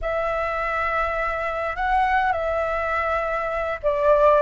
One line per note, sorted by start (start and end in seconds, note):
0.01 1.76 E5
1.76 2.32 F#5
2.32 3.79 E5
3.83 4.41 D5